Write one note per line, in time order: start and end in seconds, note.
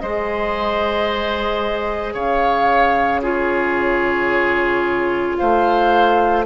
0.00 2.15 G#3
0.00 3.23 G#4
0.00 2.14 C5
0.00 2.14 D#5
2.14 5.36 C#3
2.14 3.21 C#5
2.14 3.22 F5
3.22 6.44 F4
3.22 5.36 G#4
3.22 5.37 C#5
5.37 6.46 A3
5.37 6.46 C5
5.37 6.44 F5